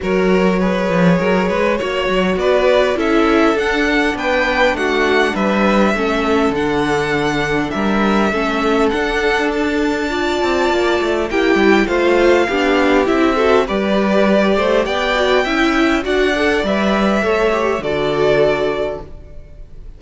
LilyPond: <<
  \new Staff \with { instrumentName = "violin" } { \time 4/4 \tempo 4 = 101 cis''1 | d''4 e''4 fis''4 g''4 | fis''4 e''2 fis''4~ | fis''4 e''2 fis''4 |
a''2. g''4 | f''2 e''4 d''4~ | d''4 g''2 fis''4 | e''2 d''2 | }
  \new Staff \with { instrumentName = "violin" } { \time 4/4 ais'4 b'4 ais'8 b'8 cis''4 | b'4 a'2 b'4 | fis'4 b'4 a'2~ | a'4 ais'4 a'2~ |
a'4 d''2 g'4 | c''4 g'4. a'8 b'4~ | b'8 c''8 d''4 e''4 d''4~ | d''4 cis''4 a'2 | }
  \new Staff \with { instrumentName = "viola" } { \time 4/4 fis'4 gis'2 fis'4~ | fis'4 e'4 d'2~ | d'2 cis'4 d'4~ | d'2 cis'4 d'4~ |
d'4 f'2 e'4 | f'4 d'4 e'8 fis'8 g'4~ | g'4. fis'8 e'4 fis'8 a'8 | b'4 a'8 g'8 fis'2 | }
  \new Staff \with { instrumentName = "cello" } { \time 4/4 fis4. f8 fis8 gis8 ais8 fis8 | b4 cis'4 d'4 b4 | a4 g4 a4 d4~ | d4 g4 a4 d'4~ |
d'4. c'8 ais8 a8 ais8 g8 | a4 b4 c'4 g4~ | g8 a8 b4 cis'4 d'4 | g4 a4 d2 | }
>>